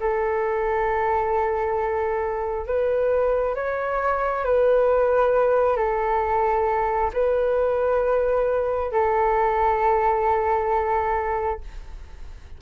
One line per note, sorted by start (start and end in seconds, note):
0.00 2.67 A4
2.67 3.55 B4
3.55 4.45 C#5
4.45 5.77 B4
5.77 7.11 A4
7.14 8.92 B4
8.92 11.61 A4